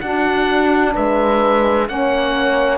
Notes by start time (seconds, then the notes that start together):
0.00 D4 F#4 F#5
0.94 G#3 B4 E5
1.87 A#3 C#4 C#5 F#5